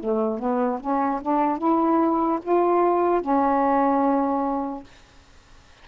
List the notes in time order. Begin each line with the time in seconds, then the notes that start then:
0.00 A3
0.39 B3
0.80 C#4
1.22 D4
1.58 E4
2.43 F4
3.21 C#4